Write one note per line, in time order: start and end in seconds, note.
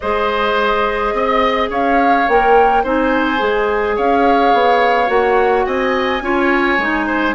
0.00 1.13 G#3
0.00 2.28 G#4
0.00 1.14 C5
0.00 1.69 D#5
1.13 1.69 C4
1.13 1.70 D#5
1.70 2.26 C#4
1.70 2.83 C#5
1.70 2.28 F5
2.28 2.84 A#3
2.28 2.84 A#4
2.28 2.85 G5
2.83 3.40 C4
2.83 3.37 D#4
2.83 3.96 C5
2.83 3.97 G#5
3.37 3.98 G#3
3.37 5.06 G#4
3.96 4.53 C#4
3.96 5.65 C#5
3.96 5.09 F5
4.53 5.08 B3
5.06 5.65 A#3
5.06 6.19 F#4
5.06 5.66 F#5
5.65 6.21 C4
5.65 6.22 D#5
5.65 7.34 G#5
6.21 6.78 C#4
6.21 6.79 F4
6.21 7.06 C#5
6.78 7.34 G#3
6.78 7.34 D#4
7.06 7.34 C5